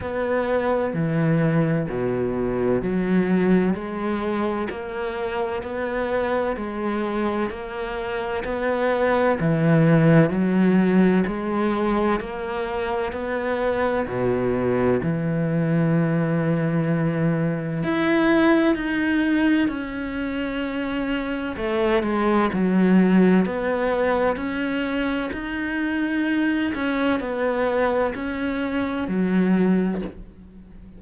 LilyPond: \new Staff \with { instrumentName = "cello" } { \time 4/4 \tempo 4 = 64 b4 e4 b,4 fis4 | gis4 ais4 b4 gis4 | ais4 b4 e4 fis4 | gis4 ais4 b4 b,4 |
e2. e'4 | dis'4 cis'2 a8 gis8 | fis4 b4 cis'4 dis'4~ | dis'8 cis'8 b4 cis'4 fis4 | }